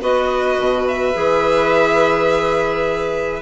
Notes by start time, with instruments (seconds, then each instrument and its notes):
0.00 bassoon B3, clarinet F#4, violin B4 D#5
0.57 bassoon B2
0.87 violin E5
1.13 bassoon E3, clarinet G#4